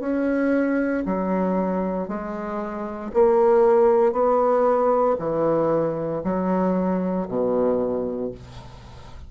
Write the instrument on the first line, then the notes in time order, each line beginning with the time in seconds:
bassoon
0.00 C#4
1.05 F#3
2.08 G#3
3.14 A#3
4.12 B3
5.18 E3
6.24 F#3
7.27 B2